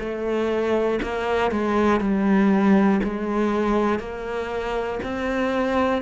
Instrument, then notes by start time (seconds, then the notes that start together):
cello
0.00 A3
1.03 A#3
1.52 G#3
2.01 G3
3.04 G#3
4.00 A#3
5.04 C4